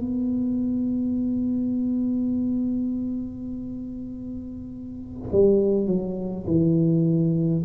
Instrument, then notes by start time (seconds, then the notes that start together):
tuba
0.00 B3
5.32 G3
5.87 F#3
6.47 E3